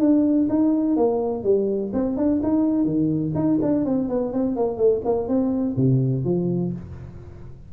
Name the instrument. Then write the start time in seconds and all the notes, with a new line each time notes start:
tuba
0.00 D4
0.49 D#4
0.96 A#3
1.44 G3
1.93 C4
2.17 D4
2.43 D#4
2.85 D#3
3.35 D#4
3.62 D4
3.85 C4
4.09 B3
4.33 C4
4.56 A#3
4.77 A3
5.05 A#3
5.28 C4
5.76 C3
6.24 F3